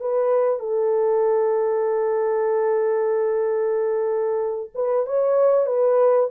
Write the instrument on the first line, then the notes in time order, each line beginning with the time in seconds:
horn
0.00 B4
0.59 A4
4.74 B4
5.06 C#5
5.66 B4